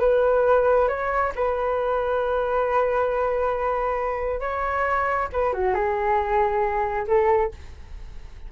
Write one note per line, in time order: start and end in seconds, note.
0.00 0.88 B4
0.88 1.32 C#5
1.36 4.40 B4
4.40 5.28 C#5
5.32 5.53 B4
5.53 5.74 F#4
5.74 7.06 G#4
7.07 7.51 A4